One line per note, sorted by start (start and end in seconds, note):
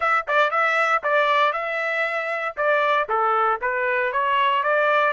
0.00 0.25 E5
0.27 0.50 D5
0.50 1.02 E5
1.03 1.52 D5
1.52 2.55 E5
2.56 3.08 D5
3.09 3.60 A4
3.61 4.12 B4
4.12 4.63 C#5
4.63 5.12 D5